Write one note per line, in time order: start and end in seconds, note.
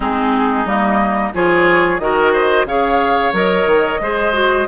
0.00 0.65 G#3
0.00 0.66 C4
0.00 1.32 D#4
0.00 0.67 G#4
0.65 1.32 G3
0.65 1.33 A#3
0.65 1.33 D#5
1.33 1.99 F3
1.33 2.00 F4
1.33 2.01 G#4
1.33 1.99 C#5
1.99 2.65 D#3
1.99 2.67 F#4
1.99 2.32 A#4
1.99 2.65 D#5
2.32 2.66 C5
2.65 3.31 C#3
2.65 3.32 G#4
2.65 4.01 C#5
2.65 3.33 F5
3.32 3.66 F#3
3.32 3.99 A#4
3.32 4.67 D#5
3.66 3.99 D#3
4.00 4.66 G#3
4.00 4.32 G#4
4.00 4.67 C5
4.32 4.66 F#4